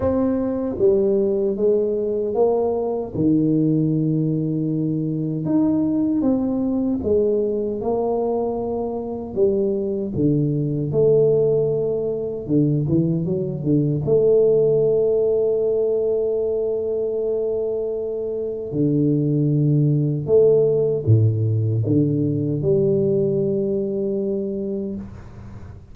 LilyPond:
\new Staff \with { instrumentName = "tuba" } { \time 4/4 \tempo 4 = 77 c'4 g4 gis4 ais4 | dis2. dis'4 | c'4 gis4 ais2 | g4 d4 a2 |
d8 e8 fis8 d8 a2~ | a1 | d2 a4 a,4 | d4 g2. | }